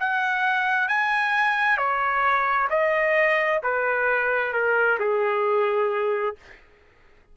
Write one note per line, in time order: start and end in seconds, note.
0.00 0.88 F#5
0.88 1.78 G#5
1.78 2.69 C#5
2.70 3.61 D#5
3.63 4.53 B4
4.53 4.99 A#4
5.00 6.36 G#4